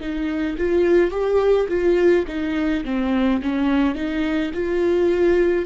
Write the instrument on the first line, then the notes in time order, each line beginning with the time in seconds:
viola
0.00 D#4
0.57 F4
1.11 G4
1.68 F4
2.27 D#4
2.85 C4
3.42 C#4
3.95 D#4
4.53 F4